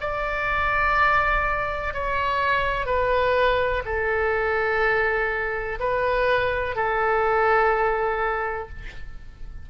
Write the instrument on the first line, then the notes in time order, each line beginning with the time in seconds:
oboe
0.00 D5
1.94 C#5
2.85 B4
3.85 A4
5.79 B4
6.75 A4